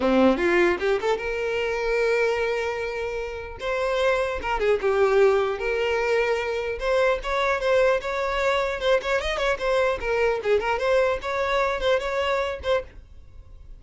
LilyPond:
\new Staff \with { instrumentName = "violin" } { \time 4/4 \tempo 4 = 150 c'4 f'4 g'8 a'8 ais'4~ | ais'1~ | ais'4 c''2 ais'8 gis'8 | g'2 ais'2~ |
ais'4 c''4 cis''4 c''4 | cis''2 c''8 cis''8 dis''8 cis''8 | c''4 ais'4 gis'8 ais'8 c''4 | cis''4. c''8 cis''4. c''8 | }